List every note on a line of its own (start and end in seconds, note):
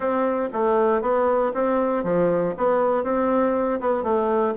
0.00 0.49 C4
0.52 1.01 A3
1.01 1.52 B3
1.54 2.03 C4
2.03 2.54 F3
2.57 3.03 B3
3.03 3.80 C4
3.80 4.03 B3
4.03 4.54 A3